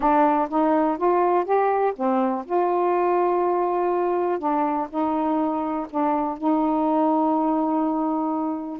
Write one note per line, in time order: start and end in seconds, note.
0.00 0.48 D4
0.49 0.97 D#4
0.97 1.44 F4
1.44 1.93 G4
1.96 2.45 C4
2.45 4.38 F4
4.38 4.87 D4
4.89 5.87 D#4
5.90 6.38 D4
6.38 8.80 D#4